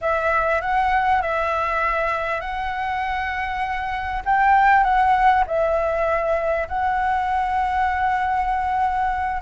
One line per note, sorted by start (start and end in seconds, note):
0.01 0.61 E5
0.61 1.21 F#5
1.21 2.40 E5
2.40 4.22 F#5
4.25 4.83 G5
4.83 5.44 F#5
5.46 6.67 E5
6.68 9.41 F#5